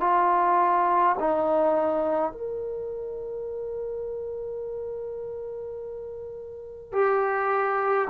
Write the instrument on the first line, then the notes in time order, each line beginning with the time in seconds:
trombone
0.00 F4
1.19 D#4
2.32 A#4
6.92 G4